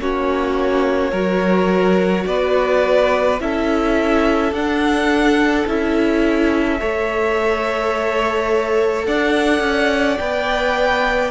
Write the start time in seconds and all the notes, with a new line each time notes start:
0.00 A#3 C#4 F#4 C#5
1.11 F#3 F#4 A#4
2.27 B3 B4 D5
3.39 C#4 E4 A4 E5
4.52 D4 F#5
5.67 C#4 E4 E5
6.79 A3 A4 C#5
9.05 D4 D5 F#5
9.60 C#4
10.18 B3 B4 G5